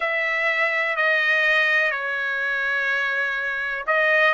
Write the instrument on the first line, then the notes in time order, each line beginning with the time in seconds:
trumpet
0.00 E5
0.96 D#5
1.91 C#5
3.86 D#5